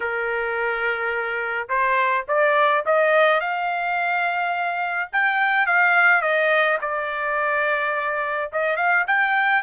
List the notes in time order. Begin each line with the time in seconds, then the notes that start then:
0.00 A#4
1.68 C5
2.27 D5
2.85 D#5
3.40 F5
5.12 G5
5.66 F5
6.21 D#5
6.81 D5
8.52 D#5
8.76 F5
9.07 G5